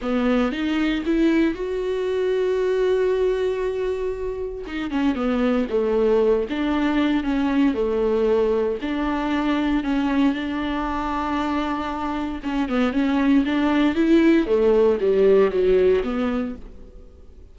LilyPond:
\new Staff \with { instrumentName = "viola" } { \time 4/4 \tempo 4 = 116 b4 dis'4 e'4 fis'4~ | fis'1~ | fis'4 dis'8 cis'8 b4 a4~ | a8 d'4. cis'4 a4~ |
a4 d'2 cis'4 | d'1 | cis'8 b8 cis'4 d'4 e'4 | a4 g4 fis4 b4 | }